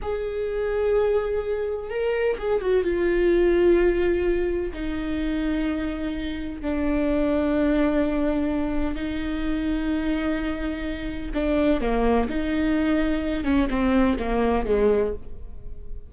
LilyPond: \new Staff \with { instrumentName = "viola" } { \time 4/4 \tempo 4 = 127 gis'1 | ais'4 gis'8 fis'8 f'2~ | f'2 dis'2~ | dis'2 d'2~ |
d'2. dis'4~ | dis'1 | d'4 ais4 dis'2~ | dis'8 cis'8 c'4 ais4 gis4 | }